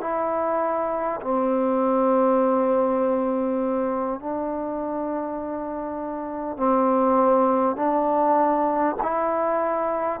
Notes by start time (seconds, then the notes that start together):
0.00 E4
1.21 C4
4.19 D4
6.56 C4
7.76 D4
9.02 E4